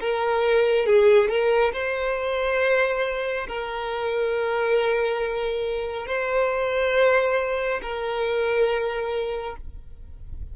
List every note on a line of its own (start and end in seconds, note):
0.00 0.86 A#4
0.86 1.28 G#4
1.28 1.72 A#4
1.73 3.47 C5
3.47 6.06 A#4
6.06 7.80 C5
7.82 9.56 A#4